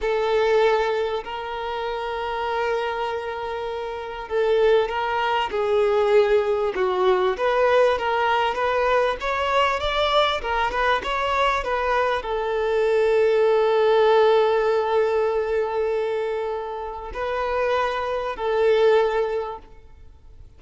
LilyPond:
\new Staff \with { instrumentName = "violin" } { \time 4/4 \tempo 4 = 98 a'2 ais'2~ | ais'2. a'4 | ais'4 gis'2 fis'4 | b'4 ais'4 b'4 cis''4 |
d''4 ais'8 b'8 cis''4 b'4 | a'1~ | a'1 | b'2 a'2 | }